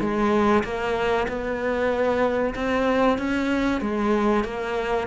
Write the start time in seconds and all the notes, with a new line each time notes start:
0.00 G#3
0.64 A#3
1.28 B3
2.55 C4
3.18 C#4
3.81 G#3
4.44 A#3